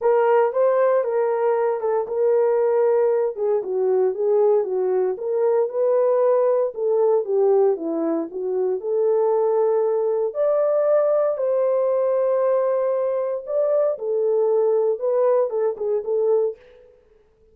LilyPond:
\new Staff \with { instrumentName = "horn" } { \time 4/4 \tempo 4 = 116 ais'4 c''4 ais'4. a'8 | ais'2~ ais'8 gis'8 fis'4 | gis'4 fis'4 ais'4 b'4~ | b'4 a'4 g'4 e'4 |
fis'4 a'2. | d''2 c''2~ | c''2 d''4 a'4~ | a'4 b'4 a'8 gis'8 a'4 | }